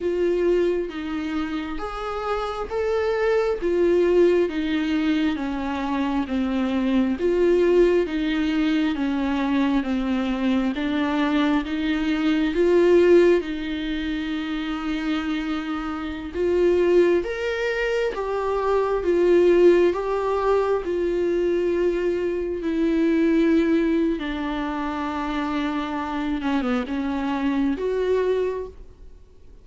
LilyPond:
\new Staff \with { instrumentName = "viola" } { \time 4/4 \tempo 4 = 67 f'4 dis'4 gis'4 a'4 | f'4 dis'4 cis'4 c'4 | f'4 dis'4 cis'4 c'4 | d'4 dis'4 f'4 dis'4~ |
dis'2~ dis'16 f'4 ais'8.~ | ais'16 g'4 f'4 g'4 f'8.~ | f'4~ f'16 e'4.~ e'16 d'4~ | d'4. cis'16 b16 cis'4 fis'4 | }